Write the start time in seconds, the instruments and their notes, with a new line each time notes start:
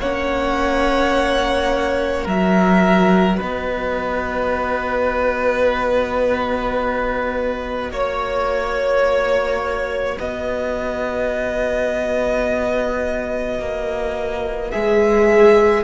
0.00 cello A#3, viola C#4, violin C#5 F#5
2.24 cello F#3, viola F#4, violin A#4 E5
3.37 cello B3, violin B4 D#5
7.91 cello A#3, violin C#5
10.18 cello B3, violin B4 D#5
13.59 cello A#3
14.71 cello G#3, viola G#4, violin E5